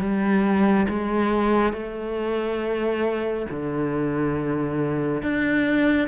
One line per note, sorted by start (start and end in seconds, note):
0.00 0.87 G3
0.89 1.73 G#3
1.73 3.47 A3
3.50 5.22 D3
5.22 6.08 D4